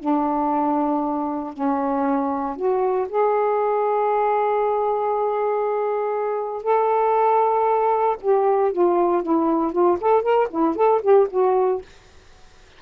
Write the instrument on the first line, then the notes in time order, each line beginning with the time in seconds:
saxophone
0.00 D4
1.54 C#4
2.57 F#4
3.09 G#4
6.63 A4
8.21 G4
8.72 F4
9.23 E4
9.73 F4
10.01 A4
10.22 A#4
10.51 E4
10.76 A4
11.02 G4
11.31 F#4